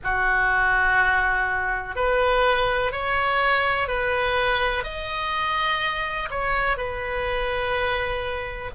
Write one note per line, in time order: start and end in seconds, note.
0.03 1.95 F#4
1.95 2.92 B4
2.92 3.88 C#5
3.88 4.83 B4
4.83 6.28 D#5
6.30 6.77 C#5
6.77 8.71 B4